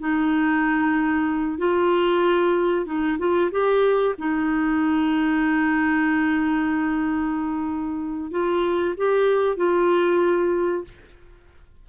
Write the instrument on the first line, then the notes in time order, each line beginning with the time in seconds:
clarinet
0.00 D#4
1.58 F4
2.86 D#4
3.19 F4
3.52 G4
4.19 D#4
8.31 F4
8.97 G4
9.57 F4